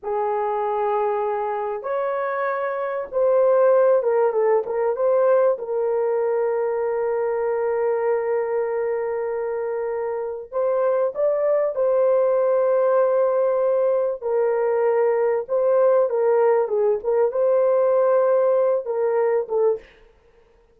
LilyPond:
\new Staff \with { instrumentName = "horn" } { \time 4/4 \tempo 4 = 97 gis'2. cis''4~ | cis''4 c''4. ais'8 a'8 ais'8 | c''4 ais'2.~ | ais'1~ |
ais'4 c''4 d''4 c''4~ | c''2. ais'4~ | ais'4 c''4 ais'4 gis'8 ais'8 | c''2~ c''8 ais'4 a'8 | }